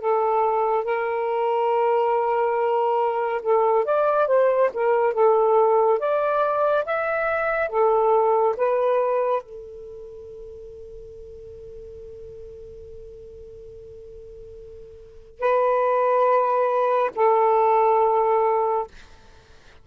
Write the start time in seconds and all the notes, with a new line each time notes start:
0.00 A4
0.85 A#4
3.42 A4
3.85 D5
4.27 C5
4.74 A#4
5.14 A4
5.99 D5
6.85 E5
7.69 A4
8.57 B4
9.42 A4
15.40 B4
17.16 A4